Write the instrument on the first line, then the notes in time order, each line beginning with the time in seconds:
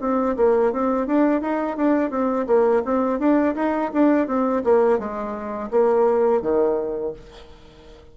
bassoon
0.00 C4
0.36 A#3
0.72 C4
1.07 D4
1.41 D#4
1.77 D4
2.10 C4
2.47 A#3
2.84 C4
3.19 D4
3.55 D#4
3.93 D4
4.27 C4
4.64 A#3
4.98 G#3
5.71 A#3
6.42 D#3